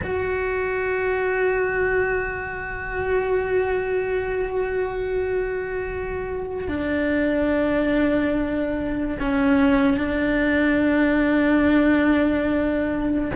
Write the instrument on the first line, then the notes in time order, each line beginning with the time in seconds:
cello
0.03 F#4
6.67 D4
9.19 C#4
9.97 D4